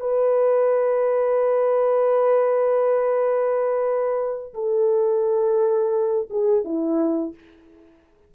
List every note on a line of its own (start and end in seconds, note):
0.00 4.53 B4
4.54 6.29 A4
6.30 6.64 G#4
6.64 7.34 E4